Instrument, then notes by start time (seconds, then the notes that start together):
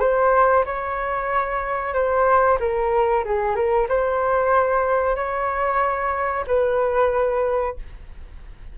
flute
0.00 C5
0.66 C#5
1.94 C5
2.60 A#4
3.24 G#4
3.55 A#4
3.89 C5
5.16 C#5
6.47 B4